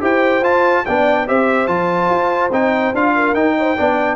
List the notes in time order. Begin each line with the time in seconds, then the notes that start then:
0.00 E4 G4 C5 G5
0.42 F4 A5
0.85 B3 D4 D5 G5
1.27 C4 G4 C5 E5
1.67 F3 F4 A5
2.09 F4
2.51 C4 D#4 G5
2.93 D4 F4 F5
3.14 A#4
3.33 D#4 G5
3.57 C5
3.76 B3 D4 D5